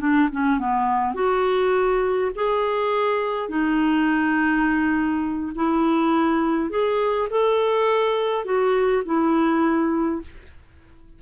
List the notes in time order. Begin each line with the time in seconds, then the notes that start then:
0.00 D4
0.32 C#4
0.60 B3
1.15 F#4
2.36 G#4
3.49 D#4
5.56 E4
6.70 G#4
7.31 A4
8.45 F#4
9.05 E4